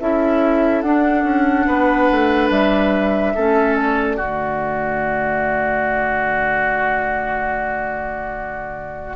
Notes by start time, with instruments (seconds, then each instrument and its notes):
0.00 bassoon C#4, clarinet E4, oboe A4, flute E5
0.82 bassoon D4, clarinet D4, flute F#5
1.24 bassoon C#4
1.67 bassoon B3, oboe B4
2.12 bassoon A3
2.51 bassoon G3, flute E5
3.35 bassoon A3, clarinet C#4, oboe A4
3.76 flute D5
4.17 bassoon D3, clarinet A3, oboe F#4